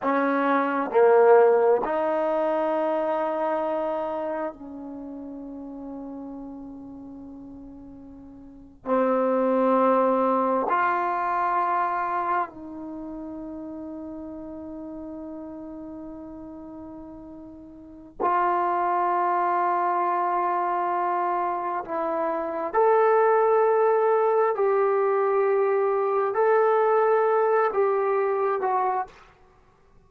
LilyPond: \new Staff \with { instrumentName = "trombone" } { \time 4/4 \tempo 4 = 66 cis'4 ais4 dis'2~ | dis'4 cis'2.~ | cis'4.~ cis'16 c'2 f'16~ | f'4.~ f'16 dis'2~ dis'16~ |
dis'1 | f'1 | e'4 a'2 g'4~ | g'4 a'4. g'4 fis'8 | }